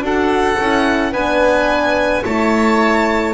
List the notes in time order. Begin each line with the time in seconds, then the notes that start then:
0.00 D4 F#4 A4 F#5
0.59 C#4 E4
1.12 B3 D4 B4 G#5
2.24 A3 E4 C#5 A5